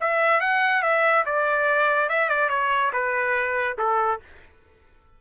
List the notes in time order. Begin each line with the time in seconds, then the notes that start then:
0.00 E5
0.40 F#5
0.82 E5
1.25 D5
2.09 E5
2.29 D5
2.49 C#5
2.93 B4
3.78 A4